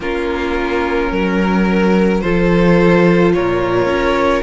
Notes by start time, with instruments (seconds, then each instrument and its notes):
0.00 cello A#3, viola C#4, violin F4 A#4
1.11 cello F#3, violin A#4
2.20 cello F3, viola F4, violin A4 C5
3.33 cello A#2, violin A#4 C#5
3.85 cello C#4